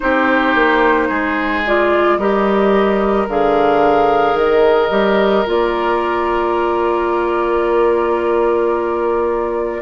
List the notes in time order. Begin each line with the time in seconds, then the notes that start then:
0.00 C4 D#4 G4 C5
0.55 A#3
1.08 G#3 G#4
1.66 F4 D5
2.17 G3 G4 A#4 D#5
3.27 D3 G#4 F5
4.34 D#3 D#5
4.90 G3 G4
5.46 A#3 F4 D5